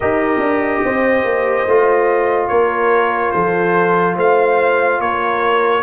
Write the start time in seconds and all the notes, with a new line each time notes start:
0.00 D#4 G4 A#4 D#5
0.39 D4
0.84 C4 C5
1.24 A#3
1.66 A3 F4
2.48 A#3 A#4 C#5
3.31 F3 A4 C5
4.15 A3 C5 F5
4.99 A#3 A#4 C#5